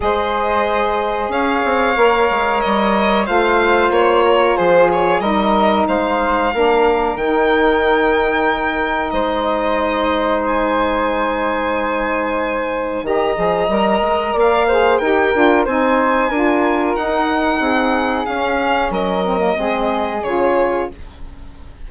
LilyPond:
<<
  \new Staff \with { instrumentName = "violin" } { \time 4/4 \tempo 4 = 92 dis''2 f''2 | dis''4 f''4 cis''4 c''8 cis''8 | dis''4 f''2 g''4~ | g''2 dis''2 |
gis''1 | ais''2 f''4 g''4 | gis''2 fis''2 | f''4 dis''2 cis''4 | }
  \new Staff \with { instrumentName = "flute" } { \time 4/4 c''2 cis''2~ | cis''4 c''4. ais'8 gis'4 | ais'4 c''4 ais'2~ | ais'2 c''2~ |
c''1 | dis''2 d''8 c''8 ais'4 | c''4 ais'2 gis'4~ | gis'4 ais'4 gis'2 | }
  \new Staff \with { instrumentName = "saxophone" } { \time 4/4 gis'2. ais'4~ | ais'4 f'2. | dis'2 d'4 dis'4~ | dis'1~ |
dis'1 | g'8 gis'8 ais'4. gis'8 g'8 f'8 | dis'4 f'4 dis'2 | cis'4. c'16 ais16 c'4 f'4 | }
  \new Staff \with { instrumentName = "bassoon" } { \time 4/4 gis2 cis'8 c'8 ais8 gis8 | g4 a4 ais4 f4 | g4 gis4 ais4 dis4~ | dis2 gis2~ |
gis1 | dis8 f8 g8 gis8 ais4 dis'8 d'8 | c'4 d'4 dis'4 c'4 | cis'4 fis4 gis4 cis4 | }
>>